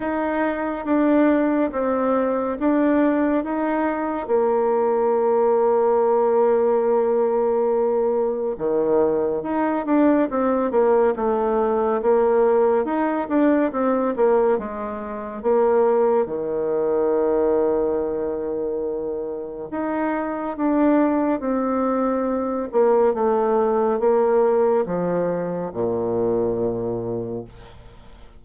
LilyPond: \new Staff \with { instrumentName = "bassoon" } { \time 4/4 \tempo 4 = 70 dis'4 d'4 c'4 d'4 | dis'4 ais2.~ | ais2 dis4 dis'8 d'8 | c'8 ais8 a4 ais4 dis'8 d'8 |
c'8 ais8 gis4 ais4 dis4~ | dis2. dis'4 | d'4 c'4. ais8 a4 | ais4 f4 ais,2 | }